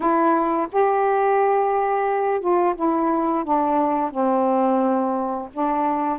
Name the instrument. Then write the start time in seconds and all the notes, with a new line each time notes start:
saxophone
0.00 E4
0.72 G4
2.40 F4
2.75 E4
3.44 D4
4.10 C4
5.53 D4